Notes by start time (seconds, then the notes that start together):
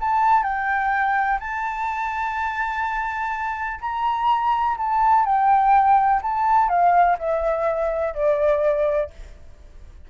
0.00 A5
0.43 G5
1.39 A5
3.80 A#5
4.77 A5
5.25 G5
6.22 A5
6.69 F5
7.18 E5
8.14 D5